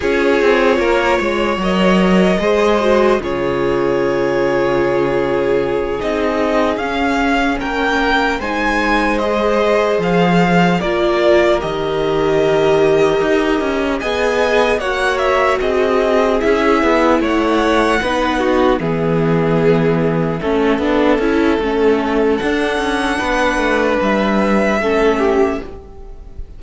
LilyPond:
<<
  \new Staff \with { instrumentName = "violin" } { \time 4/4 \tempo 4 = 75 cis''2 dis''2 | cis''2.~ cis''8 dis''8~ | dis''8 f''4 g''4 gis''4 dis''8~ | dis''8 f''4 d''4 dis''4.~ |
dis''4. gis''4 fis''8 e''8 dis''8~ | dis''8 e''4 fis''2 e''8~ | e''1 | fis''2 e''2 | }
  \new Staff \with { instrumentName = "violin" } { \time 4/4 gis'4 ais'8 cis''4. c''4 | gis'1~ | gis'4. ais'4 c''4.~ | c''4. ais'2~ ais'8~ |
ais'4. dis''4 cis''4 gis'8~ | gis'4. cis''4 b'8 fis'8 gis'8~ | gis'4. a'2~ a'8~ | a'4 b'2 a'8 g'8 | }
  \new Staff \with { instrumentName = "viola" } { \time 4/4 f'2 ais'4 gis'8 fis'8 | f'2.~ f'8 dis'8~ | dis'8 cis'2 dis'4 gis'8~ | gis'4. f'4 g'4.~ |
g'4. gis'4 fis'4.~ | fis'8 e'2 dis'4 b8~ | b4. cis'8 d'8 e'8 cis'4 | d'2. cis'4 | }
  \new Staff \with { instrumentName = "cello" } { \time 4/4 cis'8 c'8 ais8 gis8 fis4 gis4 | cis2.~ cis8 c'8~ | c'8 cis'4 ais4 gis4.~ | gis8 f4 ais4 dis4.~ |
dis8 dis'8 cis'8 b4 ais4 c'8~ | c'8 cis'8 b8 a4 b4 e8~ | e4. a8 b8 cis'8 a4 | d'8 cis'8 b8 a8 g4 a4 | }
>>